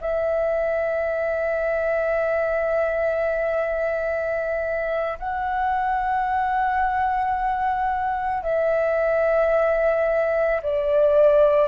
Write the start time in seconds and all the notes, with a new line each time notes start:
0.00 E5
5.19 F#5
8.42 E5
10.62 D5